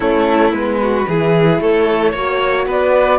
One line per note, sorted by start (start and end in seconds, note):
0.00 0.52 A3
0.00 0.51 C#4
0.00 0.80 E4
0.00 0.52 A4
0.51 1.06 G#3
0.51 1.05 B3
0.51 1.59 B4
0.82 1.08 F#4
1.07 1.59 E3
1.07 2.15 E4
1.07 1.61 G#4
1.59 2.13 A3
1.59 2.11 A4
1.59 2.69 C#5
2.11 2.66 A#3
2.11 3.18 F#4
2.11 2.65 C#5
2.66 3.18 B3
2.66 3.18 B4
2.66 3.18 D5